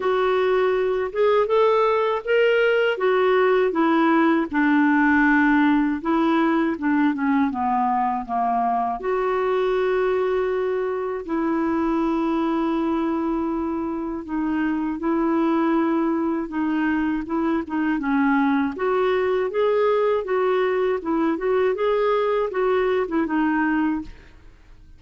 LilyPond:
\new Staff \with { instrumentName = "clarinet" } { \time 4/4 \tempo 4 = 80 fis'4. gis'8 a'4 ais'4 | fis'4 e'4 d'2 | e'4 d'8 cis'8 b4 ais4 | fis'2. e'4~ |
e'2. dis'4 | e'2 dis'4 e'8 dis'8 | cis'4 fis'4 gis'4 fis'4 | e'8 fis'8 gis'4 fis'8. e'16 dis'4 | }